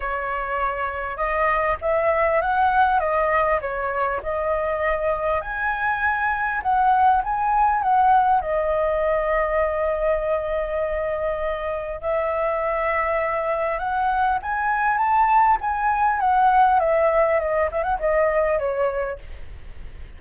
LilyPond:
\new Staff \with { instrumentName = "flute" } { \time 4/4 \tempo 4 = 100 cis''2 dis''4 e''4 | fis''4 dis''4 cis''4 dis''4~ | dis''4 gis''2 fis''4 | gis''4 fis''4 dis''2~ |
dis''1 | e''2. fis''4 | gis''4 a''4 gis''4 fis''4 | e''4 dis''8 e''16 fis''16 dis''4 cis''4 | }